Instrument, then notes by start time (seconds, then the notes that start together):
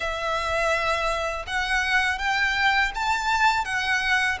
violin
0.00 E5
1.46 F#5
2.18 G5
2.95 A5
3.65 F#5